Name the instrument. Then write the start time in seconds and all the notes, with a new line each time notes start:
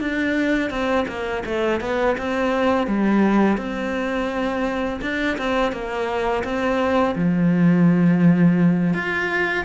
cello
0.00 D4
0.70 C4
1.07 A#3
1.45 A3
1.80 B3
2.17 C4
2.87 G3
3.57 C4
5.01 D4
5.37 C4
5.72 A#3
6.43 C4
7.15 F3
8.94 F4